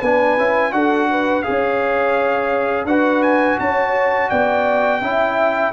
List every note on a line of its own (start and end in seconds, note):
0.00 0.37 B3
0.00 0.38 D4
0.00 0.71 B4
0.00 0.72 G#5
0.37 0.73 C#4
0.37 0.71 E4
0.71 1.44 D4
0.71 1.43 F#4
0.71 1.10 A4
0.71 1.42 F#5
1.10 1.45 B4
1.42 2.86 G#4
1.42 2.87 C#5
1.42 2.85 F5
1.48 2.85 C#4
2.85 3.56 D4
2.85 5.02 F#4
2.85 3.58 B4
2.85 3.22 F#5
3.22 3.58 G#5
3.59 4.31 C#4
3.59 4.29 C#5
3.59 4.29 A5
4.29 5.01 B3
4.29 5.01 D5
4.29 5.72 G5
5.01 5.72 C#4
5.01 5.72 E4
5.01 5.72 E5